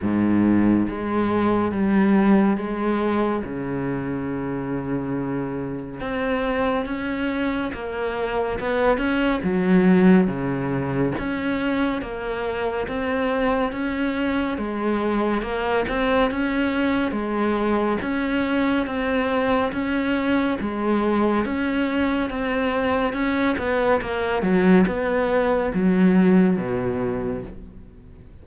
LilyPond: \new Staff \with { instrumentName = "cello" } { \time 4/4 \tempo 4 = 70 gis,4 gis4 g4 gis4 | cis2. c'4 | cis'4 ais4 b8 cis'8 fis4 | cis4 cis'4 ais4 c'4 |
cis'4 gis4 ais8 c'8 cis'4 | gis4 cis'4 c'4 cis'4 | gis4 cis'4 c'4 cis'8 b8 | ais8 fis8 b4 fis4 b,4 | }